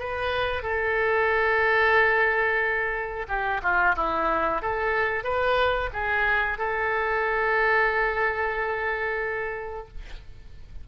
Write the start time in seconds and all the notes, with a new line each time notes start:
0.00 B4
0.63 A4
3.28 G4
3.63 F4
3.96 E4
4.62 A4
5.24 B4
5.93 G#4
6.59 A4